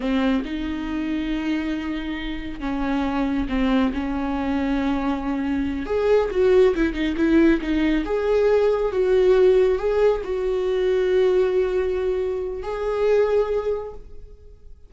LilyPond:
\new Staff \with { instrumentName = "viola" } { \time 4/4 \tempo 4 = 138 c'4 dis'2.~ | dis'2 cis'2 | c'4 cis'2.~ | cis'4. gis'4 fis'4 e'8 |
dis'8 e'4 dis'4 gis'4.~ | gis'8 fis'2 gis'4 fis'8~ | fis'1~ | fis'4 gis'2. | }